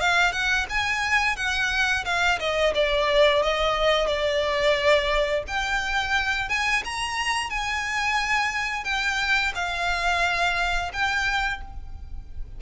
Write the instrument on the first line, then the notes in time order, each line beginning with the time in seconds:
violin
0.00 F5
0.32 F#5
0.69 G#5
1.36 F#5
2.05 F5
2.39 D#5
2.74 D5
3.42 D#5
4.07 D5
5.47 G5
6.49 G#5
6.85 A#5
7.50 G#5
8.84 G5
9.55 F5
10.93 G5